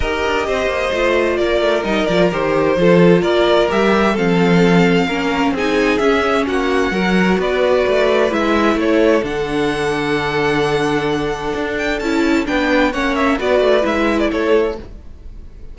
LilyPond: <<
  \new Staff \with { instrumentName = "violin" } { \time 4/4 \tempo 4 = 130 dis''2. d''4 | dis''8 d''8 c''2 d''4 | e''4 f''2. | gis''4 e''4 fis''2 |
d''2 e''4 cis''4 | fis''1~ | fis''4. g''8 a''4 g''4 | fis''8 e''8 d''4 e''8. d''16 cis''4 | }
  \new Staff \with { instrumentName = "violin" } { \time 4/4 ais'4 c''2 ais'4~ | ais'2 a'4 ais'4~ | ais'4 a'2 ais'4 | gis'2 fis'4 ais'4 |
b'2. a'4~ | a'1~ | a'2. b'4 | cis''4 b'2 a'4 | }
  \new Staff \with { instrumentName = "viola" } { \time 4/4 g'2 f'2 | dis'8 f'8 g'4 f'2 | g'4 c'2 cis'4 | dis'4 cis'2 fis'4~ |
fis'2 e'2 | d'1~ | d'2 e'4 d'4 | cis'4 fis'4 e'2 | }
  \new Staff \with { instrumentName = "cello" } { \time 4/4 dis'8 d'8 c'8 ais8 a4 ais8 a8 | g8 f8 dis4 f4 ais4 | g4 f2 ais4 | c'4 cis'4 ais4 fis4 |
b4 a4 gis4 a4 | d1~ | d4 d'4 cis'4 b4 | ais4 b8 a8 gis4 a4 | }
>>